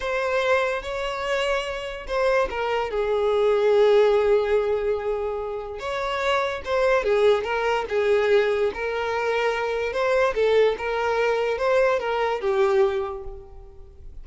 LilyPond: \new Staff \with { instrumentName = "violin" } { \time 4/4 \tempo 4 = 145 c''2 cis''2~ | cis''4 c''4 ais'4 gis'4~ | gis'1~ | gis'2 cis''2 |
c''4 gis'4 ais'4 gis'4~ | gis'4 ais'2. | c''4 a'4 ais'2 | c''4 ais'4 g'2 | }